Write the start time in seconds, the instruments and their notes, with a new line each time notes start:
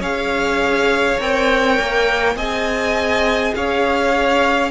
0.00 cello C#4, viola G#4, violin C#5 F5
1.19 cello C4, viola A#4, violin G5
1.80 cello A#3
2.35 cello C4, viola G#4, violin D#5 G#5
3.55 cello C#4, violin C#5 F5